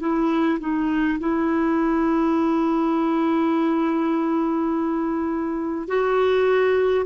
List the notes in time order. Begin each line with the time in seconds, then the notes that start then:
0.00 E4
0.60 D#4
1.19 E4
5.88 F#4